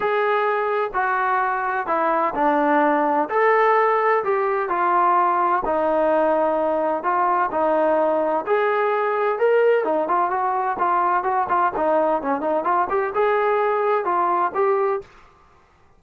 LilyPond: \new Staff \with { instrumentName = "trombone" } { \time 4/4 \tempo 4 = 128 gis'2 fis'2 | e'4 d'2 a'4~ | a'4 g'4 f'2 | dis'2. f'4 |
dis'2 gis'2 | ais'4 dis'8 f'8 fis'4 f'4 | fis'8 f'8 dis'4 cis'8 dis'8 f'8 g'8 | gis'2 f'4 g'4 | }